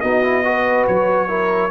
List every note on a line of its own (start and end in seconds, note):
0.00 0.87 B3
0.00 0.23 D#4
0.00 0.44 F#4
0.00 0.85 D#5
0.23 0.44 E4
0.44 1.27 F#4
0.44 1.28 B4
0.87 1.70 F#3
0.87 1.70 C#5
1.27 1.70 E4
1.27 1.70 A#4